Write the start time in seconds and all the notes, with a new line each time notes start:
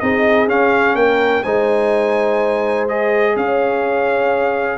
0.00 C4 D#4 G#4 D#5
0.48 C#4 F5
0.95 A#3 A#4 G5
1.44 G#3 D#4 C5 G#5
2.89 G#4 D#5
3.36 C#4 C#5 F5